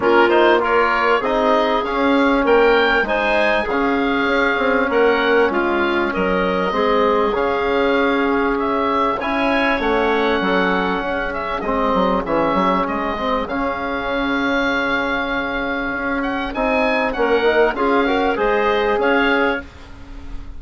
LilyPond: <<
  \new Staff \with { instrumentName = "oboe" } { \time 4/4 \tempo 4 = 98 ais'8 c''8 cis''4 dis''4 f''4 | g''4 gis''4 f''2 | fis''4 f''4 dis''2 | f''2 e''4 gis''4 |
fis''2~ fis''8 e''8 dis''4 | e''4 dis''4 f''2~ | f''2~ f''8 fis''8 gis''4 | fis''4 f''4 dis''4 f''4 | }
  \new Staff \with { instrumentName = "clarinet" } { \time 4/4 f'4 ais'4 gis'2 | ais'4 c''4 gis'2 | ais'4 f'4 ais'4 gis'4~ | gis'2. cis''4~ |
cis''4 a'4 gis'2~ | gis'1~ | gis'1 | ais'4 gis'8 ais'8 c''4 cis''4 | }
  \new Staff \with { instrumentName = "trombone" } { \time 4/4 cis'8 dis'8 f'4 dis'4 cis'4~ | cis'4 dis'4 cis'2~ | cis'2. c'4 | cis'2. e'4 |
cis'2. c'4 | cis'4. c'8 cis'2~ | cis'2. dis'4 | cis'8 dis'8 f'8 fis'8 gis'2 | }
  \new Staff \with { instrumentName = "bassoon" } { \time 4/4 ais2 c'4 cis'4 | ais4 gis4 cis4 cis'8 c'8 | ais4 gis4 fis4 gis4 | cis2. cis'4 |
a4 fis4 cis'4 gis8 fis8 | e8 fis8 gis4 cis2~ | cis2 cis'4 c'4 | ais4 cis'4 gis4 cis'4 | }
>>